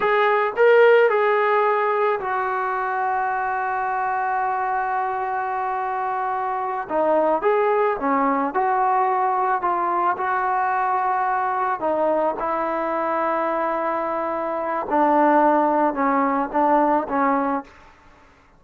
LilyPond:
\new Staff \with { instrumentName = "trombone" } { \time 4/4 \tempo 4 = 109 gis'4 ais'4 gis'2 | fis'1~ | fis'1~ | fis'8 dis'4 gis'4 cis'4 fis'8~ |
fis'4. f'4 fis'4.~ | fis'4. dis'4 e'4.~ | e'2. d'4~ | d'4 cis'4 d'4 cis'4 | }